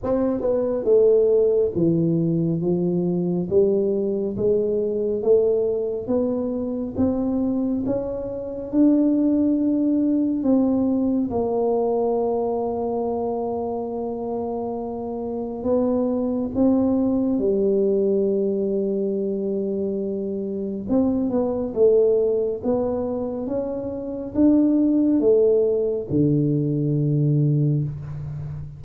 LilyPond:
\new Staff \with { instrumentName = "tuba" } { \time 4/4 \tempo 4 = 69 c'8 b8 a4 e4 f4 | g4 gis4 a4 b4 | c'4 cis'4 d'2 | c'4 ais2.~ |
ais2 b4 c'4 | g1 | c'8 b8 a4 b4 cis'4 | d'4 a4 d2 | }